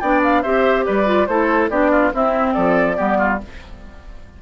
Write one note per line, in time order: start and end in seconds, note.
0.00 0.44 B3
0.00 0.44 D4
0.00 0.43 D5
0.00 0.21 G5
0.23 0.42 F5
0.42 0.86 C4
0.42 1.05 G4
0.42 0.85 C5
0.42 0.84 E5
0.86 1.28 G3
0.86 1.28 B4
0.86 1.26 D5
1.05 1.26 F4
1.26 1.70 A3
1.26 1.70 E4
1.26 1.70 A4
1.26 1.69 C5
1.70 2.12 B3
1.70 2.12 D4
1.70 1.91 G4
1.70 2.12 D5
1.91 2.12 F4
2.13 2.96 C4
2.13 2.56 C4
2.13 2.54 E4
2.13 2.53 E5
2.53 2.99 F3
2.53 2.96 A4
2.53 3.38 D5
2.96 3.42 G3
2.96 3.38 B3
2.96 3.18 G4
3.18 3.39 F4